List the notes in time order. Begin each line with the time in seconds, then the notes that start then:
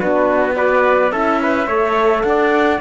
0.00 B3 D4 F#4 B4
0.55 F#4 B4 D5
1.12 C#4 E4 A4 E5
1.42 B4
1.67 A3 A4 C#5
2.23 D4 D5 F#5